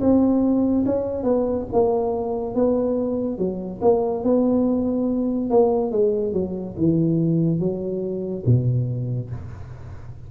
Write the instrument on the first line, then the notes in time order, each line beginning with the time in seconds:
tuba
0.00 C4
0.86 C#4
1.23 B3
1.73 A#3
2.55 B3
3.38 F#3
3.81 A#3
4.24 B3
5.50 A#3
5.91 G#3
6.33 F#3
6.77 E3
7.59 F#3
8.46 B2